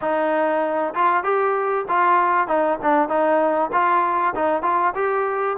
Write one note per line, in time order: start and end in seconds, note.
0.01 0.94 D#4
0.94 1.23 F4
1.23 1.85 G4
1.88 2.47 F4
2.47 2.78 D#4
2.81 3.08 D4
3.08 3.70 D#4
3.72 4.34 F4
4.35 4.62 D#4
4.62 4.93 F4
4.95 5.56 G4